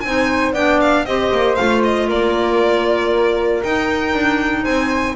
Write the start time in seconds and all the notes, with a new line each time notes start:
0.00 C4 D#4 C5 G#5
0.53 B3 D4 D5 G5
0.80 F5
1.05 C4 G4 C5 D#5
1.32 A#3
1.55 A3 F4 F5
1.83 D#5
2.07 A#3 A#4 D5
3.63 D#4 G5
4.13 D4
4.63 C4 C5 G#5